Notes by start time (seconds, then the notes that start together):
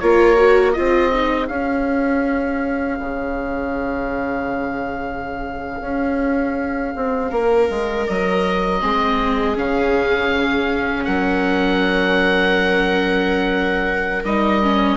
0.00 A#3 F4 A#4 C#5
0.37 F#4
0.73 C4 F4 G#4 D#5
1.14 D#4
1.48 C#4 F5
3.00 C#3
5.82 C#4
6.96 C4
7.31 A#3 A#4
7.70 G#3
8.08 F#3 D#5
8.81 G#3 C4 G#4
9.56 C#3 C#4 F5
11.05 F#3 A#4 F#5
14.25 G3 D#4 D#5
14.63 C#4